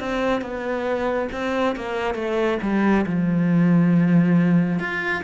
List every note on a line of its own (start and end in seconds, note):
0.00 0.42 C4
0.42 1.28 B3
1.32 1.75 C4
1.75 2.15 A#3
2.15 2.58 A3
2.62 3.06 G3
3.06 4.79 F3
4.79 5.23 F4